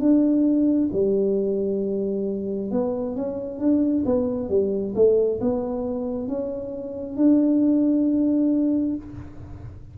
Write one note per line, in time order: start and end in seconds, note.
0.00 0.90 D4
0.93 2.72 G3
2.72 3.16 B3
3.16 3.59 C#4
3.59 4.04 D4
4.06 4.50 B3
4.50 4.95 G3
4.95 5.40 A3
5.41 6.28 B3
6.28 7.17 C#4
7.17 8.96 D4